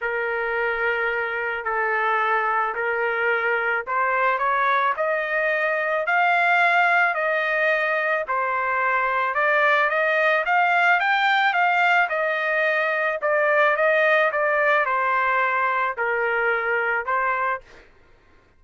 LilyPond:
\new Staff \with { instrumentName = "trumpet" } { \time 4/4 \tempo 4 = 109 ais'2. a'4~ | a'4 ais'2 c''4 | cis''4 dis''2 f''4~ | f''4 dis''2 c''4~ |
c''4 d''4 dis''4 f''4 | g''4 f''4 dis''2 | d''4 dis''4 d''4 c''4~ | c''4 ais'2 c''4 | }